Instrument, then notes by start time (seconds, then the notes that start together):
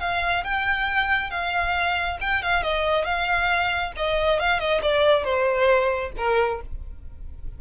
violin
0.00 F5
0.44 G5
1.31 F5
2.21 G5
2.43 F5
2.63 D#5
3.05 F5
3.97 D#5
4.40 F5
4.60 D#5
4.82 D5
5.24 C5
6.18 A#4